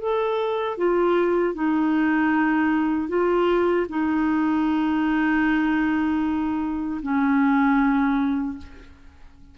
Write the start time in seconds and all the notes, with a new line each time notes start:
0.00 A4
0.78 F4
1.55 D#4
3.09 F4
3.89 D#4
7.02 C#4